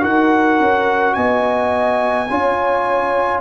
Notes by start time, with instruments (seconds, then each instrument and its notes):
0.00 tuba D#4, trombone F#4, horn A#4, trumpet F#5
0.59 tuba C#4
1.14 tuba B3, horn D#5, trumpet G#5
2.29 tuba C#4, trombone F4, horn C#5